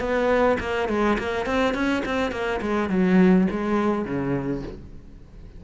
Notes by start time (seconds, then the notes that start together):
0.00 B3
0.60 A#3
0.89 G#3
1.19 A#3
1.46 C4
1.74 C#4
2.05 C4
2.31 A#3
2.61 G#3
2.90 F#3
3.51 G#3
4.05 C#3